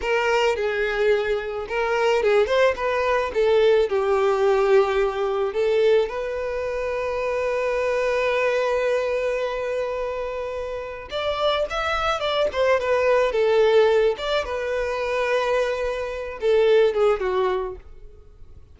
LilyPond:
\new Staff \with { instrumentName = "violin" } { \time 4/4 \tempo 4 = 108 ais'4 gis'2 ais'4 | gis'8 c''8 b'4 a'4 g'4~ | g'2 a'4 b'4~ | b'1~ |
b'1 | d''4 e''4 d''8 c''8 b'4 | a'4. d''8 b'2~ | b'4. a'4 gis'8 fis'4 | }